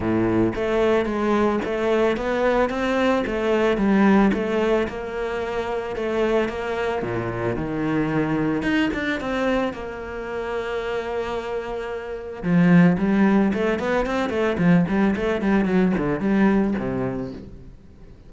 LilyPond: \new Staff \with { instrumentName = "cello" } { \time 4/4 \tempo 4 = 111 a,4 a4 gis4 a4 | b4 c'4 a4 g4 | a4 ais2 a4 | ais4 ais,4 dis2 |
dis'8 d'8 c'4 ais2~ | ais2. f4 | g4 a8 b8 c'8 a8 f8 g8 | a8 g8 fis8 d8 g4 c4 | }